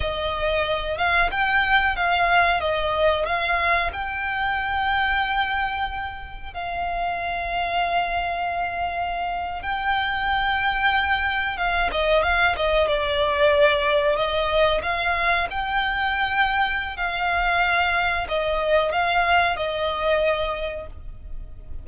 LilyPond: \new Staff \with { instrumentName = "violin" } { \time 4/4 \tempo 4 = 92 dis''4. f''8 g''4 f''4 | dis''4 f''4 g''2~ | g''2 f''2~ | f''2~ f''8. g''4~ g''16~ |
g''4.~ g''16 f''8 dis''8 f''8 dis''8 d''16~ | d''4.~ d''16 dis''4 f''4 g''16~ | g''2 f''2 | dis''4 f''4 dis''2 | }